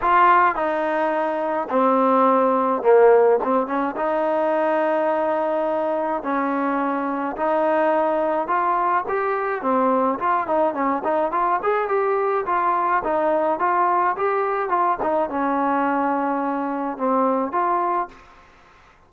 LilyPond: \new Staff \with { instrumentName = "trombone" } { \time 4/4 \tempo 4 = 106 f'4 dis'2 c'4~ | c'4 ais4 c'8 cis'8 dis'4~ | dis'2. cis'4~ | cis'4 dis'2 f'4 |
g'4 c'4 f'8 dis'8 cis'8 dis'8 | f'8 gis'8 g'4 f'4 dis'4 | f'4 g'4 f'8 dis'8 cis'4~ | cis'2 c'4 f'4 | }